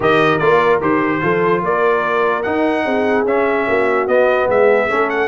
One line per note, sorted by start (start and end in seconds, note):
0.00 0.39 D#3
0.00 0.40 G4
0.00 1.20 A#4
0.00 0.38 D#5
0.38 0.81 A#3
0.38 0.81 F4
0.38 0.79 D5
0.81 1.21 D#3
0.81 1.21 G4
0.81 1.64 C5
1.21 1.62 F3
1.21 2.43 F4
1.21 1.63 A4
1.62 2.44 A#3
1.62 2.85 A#4
1.62 2.43 D5
2.43 3.26 D#4
2.43 2.85 D#4
2.43 3.24 F#5
2.85 3.24 C4
2.85 3.66 G#4
3.24 3.65 C#4
3.24 4.08 C#4
3.24 4.07 E5
3.66 4.07 A#3
3.66 4.48 F#4
4.07 4.48 B3
4.07 4.89 B3
4.07 4.48 D#5
4.48 4.89 G#3
4.48 4.88 G#4
4.48 5.09 E5
4.88 5.27 A3
4.88 5.27 C#4
4.88 5.27 A4
5.09 5.27 F#5